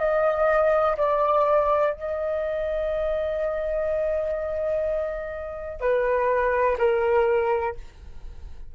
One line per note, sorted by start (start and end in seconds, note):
0.00 0.97 D#5
0.97 1.94 D5
1.94 5.81 D#5
5.81 6.78 B4
6.79 7.76 A#4